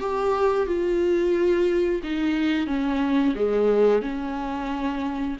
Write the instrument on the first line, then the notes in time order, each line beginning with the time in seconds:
viola
0.00 G4
0.67 F4
2.03 D#4
2.67 C#4
3.36 G#3
4.02 C#4